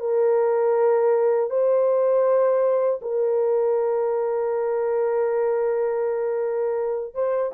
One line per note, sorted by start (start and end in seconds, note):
0.00 1.50 A#4
1.50 3.00 C5
3.02 7.14 A#4
7.15 7.52 C5